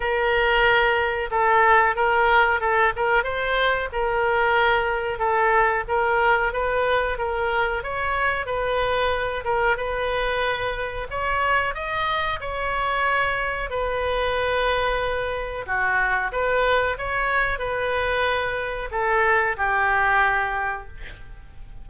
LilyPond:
\new Staff \with { instrumentName = "oboe" } { \time 4/4 \tempo 4 = 92 ais'2 a'4 ais'4 | a'8 ais'8 c''4 ais'2 | a'4 ais'4 b'4 ais'4 | cis''4 b'4. ais'8 b'4~ |
b'4 cis''4 dis''4 cis''4~ | cis''4 b'2. | fis'4 b'4 cis''4 b'4~ | b'4 a'4 g'2 | }